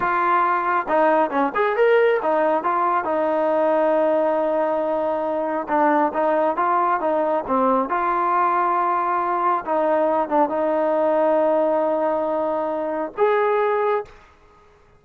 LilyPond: \new Staff \with { instrumentName = "trombone" } { \time 4/4 \tempo 4 = 137 f'2 dis'4 cis'8 gis'8 | ais'4 dis'4 f'4 dis'4~ | dis'1~ | dis'4 d'4 dis'4 f'4 |
dis'4 c'4 f'2~ | f'2 dis'4. d'8 | dis'1~ | dis'2 gis'2 | }